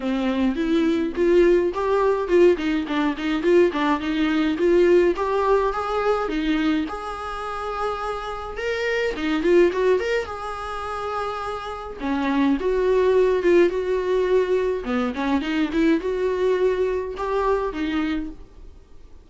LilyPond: \new Staff \with { instrumentName = "viola" } { \time 4/4 \tempo 4 = 105 c'4 e'4 f'4 g'4 | f'8 dis'8 d'8 dis'8 f'8 d'8 dis'4 | f'4 g'4 gis'4 dis'4 | gis'2. ais'4 |
dis'8 f'8 fis'8 ais'8 gis'2~ | gis'4 cis'4 fis'4. f'8 | fis'2 b8 cis'8 dis'8 e'8 | fis'2 g'4 dis'4 | }